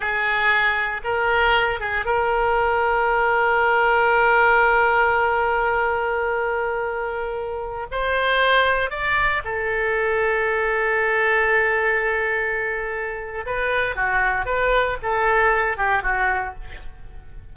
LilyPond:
\new Staff \with { instrumentName = "oboe" } { \time 4/4 \tempo 4 = 116 gis'2 ais'4. gis'8 | ais'1~ | ais'1~ | ais'2.~ ais'16 c''8.~ |
c''4~ c''16 d''4 a'4.~ a'16~ | a'1~ | a'2 b'4 fis'4 | b'4 a'4. g'8 fis'4 | }